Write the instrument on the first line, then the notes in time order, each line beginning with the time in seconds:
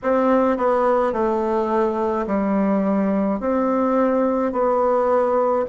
bassoon
0.02 C4
0.57 B3
1.12 A3
2.26 G3
3.40 C4
4.52 B3